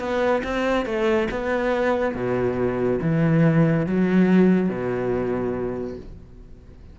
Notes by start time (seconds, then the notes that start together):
0.00 B3
0.44 C4
0.86 A3
1.32 B3
2.15 B2
3.02 E3
3.87 F#3
4.70 B2